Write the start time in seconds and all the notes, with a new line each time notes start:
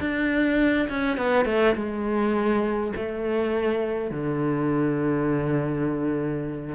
0.00 D4
0.89 C#4
1.17 B3
1.45 A3
1.75 G#3
2.96 A3
4.11 D3